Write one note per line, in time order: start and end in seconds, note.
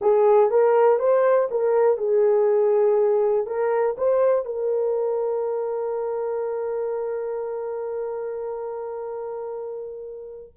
0.01 0.50 G#4
0.50 0.99 A#4
0.99 1.49 C5
1.50 1.97 A#4
1.97 3.46 G#4
3.46 3.96 A#4
3.97 4.45 C5
4.45 10.52 A#4